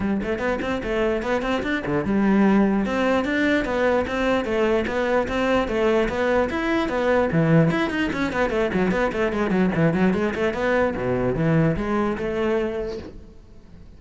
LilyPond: \new Staff \with { instrumentName = "cello" } { \time 4/4 \tempo 4 = 148 g8 a8 b8 c'8 a4 b8 c'8 | d'8 d8 g2 c'4 | d'4 b4 c'4 a4 | b4 c'4 a4 b4 |
e'4 b4 e4 e'8 dis'8 | cis'8 b8 a8 fis8 b8 a8 gis8 fis8 | e8 fis8 gis8 a8 b4 b,4 | e4 gis4 a2 | }